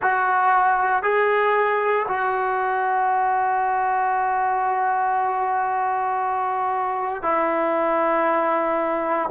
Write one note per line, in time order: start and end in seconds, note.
0.01 1.03 F#4
1.03 2.06 G#4
2.07 7.22 F#4
7.22 9.29 E4